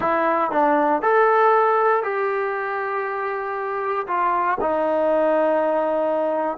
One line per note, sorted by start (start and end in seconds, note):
0.00 0.51 E4
0.51 1.01 D4
1.01 2.03 A4
2.03 4.06 G4
4.07 4.58 F4
4.60 6.57 D#4